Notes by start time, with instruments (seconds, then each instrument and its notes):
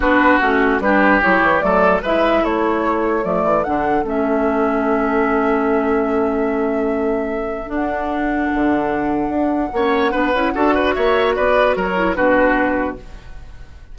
0.00 bassoon B3, clarinet D4, oboe F#4, flute B4
0.38 bassoon A3, clarinet C#4, flute F#4
0.79 bassoon G3, clarinet D4, oboe G4, flute B4
1.21 bassoon F#3, clarinet E4, flute C#5
1.42 bassoon E3
1.60 bassoon F#3, clarinet A3, oboe A4, flute D5
2.01 bassoon G#3, clarinet E4, oboe B4, flute E5
2.42 bassoon A3, oboe A4, flute C#5
3.23 bassoon F3, clarinet A3, flute D5
3.43 bassoon E3
3.63 bassoon D3, clarinet D4, flute F#5
4.03 bassoon A3, clarinet C#4, flute E5
7.66 clarinet D4, bassoon D4, flute F#5
8.54 bassoon D3
9.28 bassoon D4
9.73 bassoon A#3, clarinet C#4, oboe C#5
10.11 bassoon B3, clarinet D4, oboe B4
10.33 bassoon C#4, clarinet E4
10.54 bassoon D4, clarinet F#4, oboe A4
10.74 oboe B4
10.93 bassoon A#3, oboe C#5, flute E5
11.35 bassoon B3, oboe B4, flute D5
11.76 bassoon F#3, oboe A#4, flute C#5
11.94 clarinet E4
12.15 bassoon B2, clarinet D4, oboe F#4, flute B4